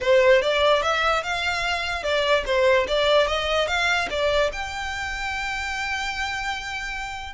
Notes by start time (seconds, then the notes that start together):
0.01 C5
0.41 D5
0.82 E5
1.23 F5
2.03 D5
2.46 C5
2.87 D5
3.27 D#5
3.67 F5
4.09 D5
4.52 G5